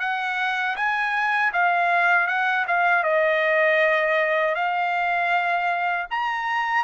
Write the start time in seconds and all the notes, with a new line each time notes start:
0.00 F#5
0.76 G#5
1.53 F5
2.28 F#5
2.68 F5
3.03 D#5
4.55 F5
6.11 A#5